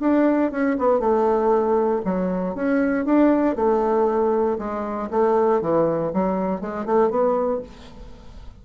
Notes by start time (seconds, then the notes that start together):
0.00 D4
0.51 C#4
0.78 B3
0.99 A3
2.05 F#3
2.54 C#4
3.05 D4
3.56 A3
4.58 G#3
5.10 A3
5.61 E3
6.13 F#3
6.61 G#3
6.86 A3
7.10 B3